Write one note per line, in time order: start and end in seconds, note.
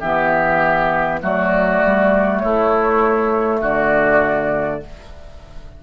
0.00 1.22 E3
0.00 1.21 B3
0.00 1.20 G4
0.00 1.20 E5
1.21 1.82 F#3
1.21 4.80 A3
1.21 2.43 F#4
1.21 2.39 D5
1.84 2.44 G3
2.39 3.61 A3
2.39 3.61 E4
2.39 3.59 C#5
3.61 4.81 D3
3.61 4.81 F#4
3.61 4.83 D5